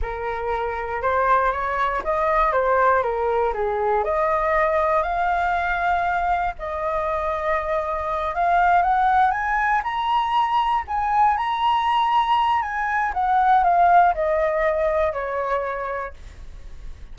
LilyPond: \new Staff \with { instrumentName = "flute" } { \time 4/4 \tempo 4 = 119 ais'2 c''4 cis''4 | dis''4 c''4 ais'4 gis'4 | dis''2 f''2~ | f''4 dis''2.~ |
dis''8 f''4 fis''4 gis''4 ais''8~ | ais''4. gis''4 ais''4.~ | ais''4 gis''4 fis''4 f''4 | dis''2 cis''2 | }